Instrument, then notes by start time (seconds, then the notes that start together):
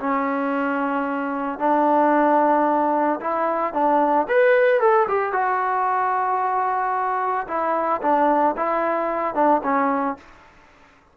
trombone
0.00 C#4
1.59 D4
3.21 E4
3.74 D4
4.29 B4
4.81 A4
5.08 G4
5.33 F#4
7.48 E4
8.02 D4
8.57 E4
9.35 D4
9.64 C#4